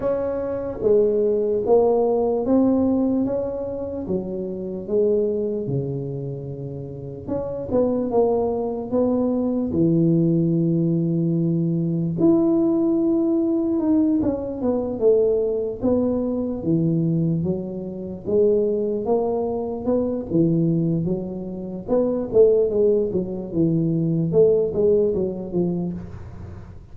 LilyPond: \new Staff \with { instrumentName = "tuba" } { \time 4/4 \tempo 4 = 74 cis'4 gis4 ais4 c'4 | cis'4 fis4 gis4 cis4~ | cis4 cis'8 b8 ais4 b4 | e2. e'4~ |
e'4 dis'8 cis'8 b8 a4 b8~ | b8 e4 fis4 gis4 ais8~ | ais8 b8 e4 fis4 b8 a8 | gis8 fis8 e4 a8 gis8 fis8 f8 | }